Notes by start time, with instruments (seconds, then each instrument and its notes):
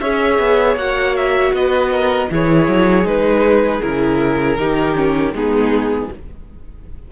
0.00 cello C#4, viola G#4, violin C#5 E5
0.39 cello B3
0.76 cello A#3, viola F#4, violin F#5
1.16 violin E5
1.53 cello B3, violin B4 D#5
1.91 violin A#4
2.30 cello E3, viola E4, violin G#4 C#5
2.68 cello F#3
3.04 cello G#3, viola D#4, violin B4
3.82 cello C#3, viola E4, violin A#4
4.58 cello D#3, viola D#4, violin G4
4.95 viola C#4
5.32 cello G#3, viola B3, violin D#4 G#4